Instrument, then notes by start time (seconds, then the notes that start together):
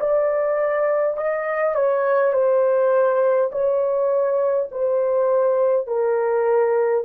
horn
0.00 D5
1.18 D#5
1.75 C#5
2.33 C5
3.52 C#5
4.72 C5
5.88 A#4